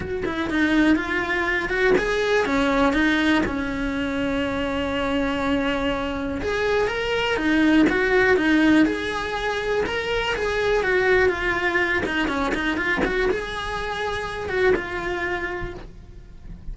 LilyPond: \new Staff \with { instrumentName = "cello" } { \time 4/4 \tempo 4 = 122 fis'8 e'8 dis'4 f'4. fis'8 | gis'4 cis'4 dis'4 cis'4~ | cis'1~ | cis'4 gis'4 ais'4 dis'4 |
fis'4 dis'4 gis'2 | ais'4 gis'4 fis'4 f'4~ | f'8 dis'8 cis'8 dis'8 f'8 fis'8 gis'4~ | gis'4. fis'8 f'2 | }